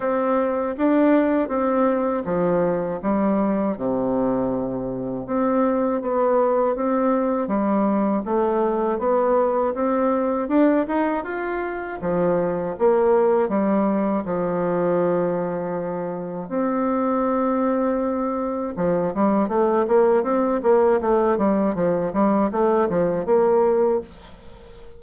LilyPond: \new Staff \with { instrumentName = "bassoon" } { \time 4/4 \tempo 4 = 80 c'4 d'4 c'4 f4 | g4 c2 c'4 | b4 c'4 g4 a4 | b4 c'4 d'8 dis'8 f'4 |
f4 ais4 g4 f4~ | f2 c'2~ | c'4 f8 g8 a8 ais8 c'8 ais8 | a8 g8 f8 g8 a8 f8 ais4 | }